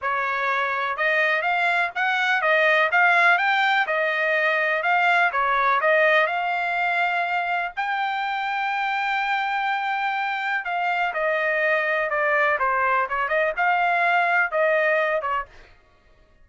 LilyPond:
\new Staff \with { instrumentName = "trumpet" } { \time 4/4 \tempo 4 = 124 cis''2 dis''4 f''4 | fis''4 dis''4 f''4 g''4 | dis''2 f''4 cis''4 | dis''4 f''2. |
g''1~ | g''2 f''4 dis''4~ | dis''4 d''4 c''4 cis''8 dis''8 | f''2 dis''4. cis''8 | }